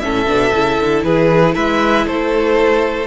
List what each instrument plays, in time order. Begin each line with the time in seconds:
0.00 cello A2, viola C#4, violin A4 E5
0.26 cello B2, viola D4
0.54 cello C#3, viola E4
0.81 cello D3
1.04 cello E3, violin G#4 B4
1.55 cello G#3, violin B4 E5
2.07 cello A3, violin A4 C5